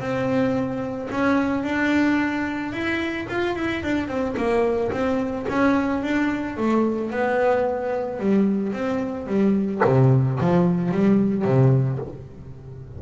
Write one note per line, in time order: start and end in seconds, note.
0.00 1.09 C4
1.11 1.64 C#4
1.64 2.73 D4
2.73 3.28 E4
3.29 3.56 F4
3.56 3.84 E4
3.84 4.08 D4
4.08 4.36 C4
4.37 4.92 A#3
4.92 5.47 C4
5.49 6.03 C#4
6.03 6.57 D4
6.57 7.11 A3
7.11 8.20 B3
8.20 8.73 G3
8.73 9.27 C4
9.27 9.82 G3
9.85 10.40 C3
10.40 10.92 F3
10.92 11.45 G3
11.45 12.00 C3